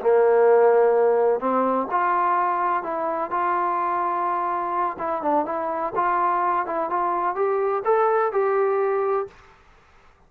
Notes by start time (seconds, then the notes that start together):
0.00 A#3
1.39 C4
1.90 F4
2.83 E4
3.30 F4
4.98 E4
5.22 D4
5.45 E4
5.95 F4
6.66 E4
6.89 F4
7.35 G4
7.84 A4
8.32 G4